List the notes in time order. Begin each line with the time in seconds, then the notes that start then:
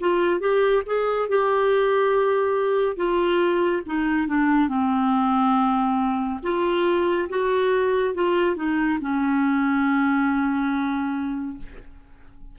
0.00 F4
0.40 G4
0.86 G#4
1.29 G4
2.96 F4
3.86 D#4
4.27 D4
4.68 C4
6.43 F4
7.29 F#4
8.14 F4
8.56 D#4
9.00 C#4